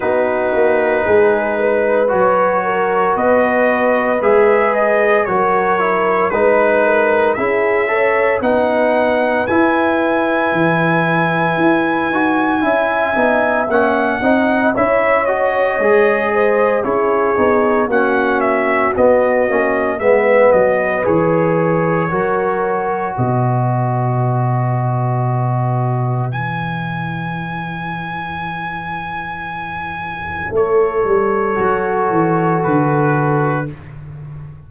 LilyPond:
<<
  \new Staff \with { instrumentName = "trumpet" } { \time 4/4 \tempo 4 = 57 b'2 cis''4 dis''4 | e''8 dis''8 cis''4 b'4 e''4 | fis''4 gis''2.~ | gis''4 fis''4 e''8 dis''4. |
cis''4 fis''8 e''8 dis''4 e''8 dis''8 | cis''2 dis''2~ | dis''4 gis''2.~ | gis''4 cis''2 b'4 | }
  \new Staff \with { instrumentName = "horn" } { \time 4/4 fis'4 gis'8 b'4 ais'8 b'4~ | b'4 ais'4 b'8 ais'8 gis'8 cis''8 | b'1 | e''4. dis''8 cis''4. c''8 |
gis'4 fis'2 b'4~ | b'4 ais'4 b'2~ | b'1~ | b'4 a'2. | }
  \new Staff \with { instrumentName = "trombone" } { \time 4/4 dis'2 fis'2 | gis'4 fis'8 e'8 dis'4 e'8 a'8 | dis'4 e'2~ e'8 fis'8 | e'8 dis'8 cis'8 dis'8 e'8 fis'8 gis'4 |
e'8 dis'8 cis'4 b8 cis'8 b4 | gis'4 fis'2.~ | fis'4 e'2.~ | e'2 fis'2 | }
  \new Staff \with { instrumentName = "tuba" } { \time 4/4 b8 ais8 gis4 fis4 b4 | gis4 fis4 gis4 cis'4 | b4 e'4 e4 e'8 dis'8 | cis'8 b8 ais8 c'8 cis'4 gis4 |
cis'8 b8 ais4 b8 ais8 gis8 fis8 | e4 fis4 b,2~ | b,4 e2.~ | e4 a8 g8 fis8 e8 d4 | }
>>